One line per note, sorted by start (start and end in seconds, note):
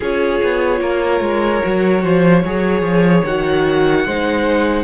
0.00 0.41 C#4
0.00 1.61 F4
0.00 0.80 G#4
0.00 3.24 C#5
0.42 0.80 B3
0.80 1.20 A#3
0.80 2.02 A#4
1.20 1.61 G#3
1.61 2.03 F#3
1.61 2.43 F#4
2.02 2.44 F3
2.02 2.42 C5
2.44 2.81 F#3
2.44 3.26 G#4
2.44 4.06 C#5
2.81 3.22 F3
3.24 4.06 D#3
3.24 4.07 F#4
3.24 4.84 F#5
4.06 4.84 G#3
4.06 4.84 D#4
4.06 4.84 C5